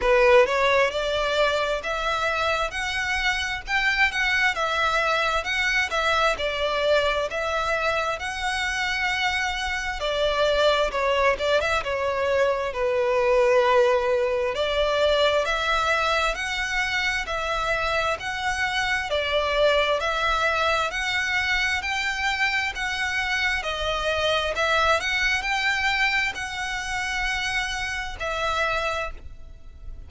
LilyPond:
\new Staff \with { instrumentName = "violin" } { \time 4/4 \tempo 4 = 66 b'8 cis''8 d''4 e''4 fis''4 | g''8 fis''8 e''4 fis''8 e''8 d''4 | e''4 fis''2 d''4 | cis''8 d''16 e''16 cis''4 b'2 |
d''4 e''4 fis''4 e''4 | fis''4 d''4 e''4 fis''4 | g''4 fis''4 dis''4 e''8 fis''8 | g''4 fis''2 e''4 | }